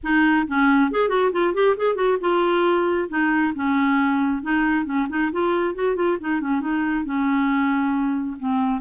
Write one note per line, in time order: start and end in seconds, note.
0.03 0.47 D#4
0.47 0.91 C#4
0.91 1.08 G#4
1.08 1.31 F#4
1.31 1.53 F4
1.53 1.75 G4
1.76 1.95 G#4
1.95 2.17 F#4
2.20 3.08 F4
3.09 3.53 D#4
3.55 4.42 C#4
4.42 4.85 D#4
4.85 5.07 C#4
5.09 5.31 D#4
5.31 5.74 F4
5.74 5.95 F#4
5.95 6.17 F4
6.20 6.40 D#4
6.40 6.60 C#4
6.60 7.04 D#4
7.05 8.37 C#4
8.39 8.81 C4